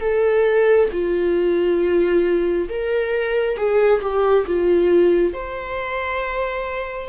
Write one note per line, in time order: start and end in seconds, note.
0.00 0.88 A4
0.92 2.68 F4
2.69 3.57 A#4
3.57 4.01 G#4
4.01 4.45 G4
4.46 5.33 F4
5.33 7.09 C5